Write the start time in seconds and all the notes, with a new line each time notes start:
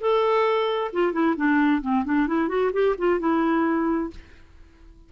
0.00 A4
0.92 F4
1.12 E4
1.36 D4
1.81 C4
2.04 D4
2.27 E4
2.48 F#4
2.73 G4
2.98 F4
3.19 E4